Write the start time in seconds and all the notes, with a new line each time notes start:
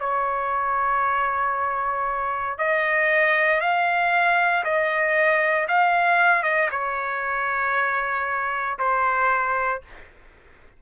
0.00 C#5
2.58 D#5
3.61 F5
4.64 D#5
5.68 F5
6.43 D#5
6.71 C#5
8.78 C5